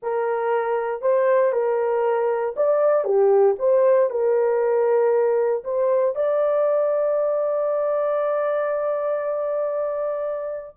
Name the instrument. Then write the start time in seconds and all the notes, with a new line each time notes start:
horn
0.02 A#4
1.01 C5
1.52 A#4
2.56 D5
3.04 G4
3.58 C5
4.10 A#4
5.64 C5
6.15 D5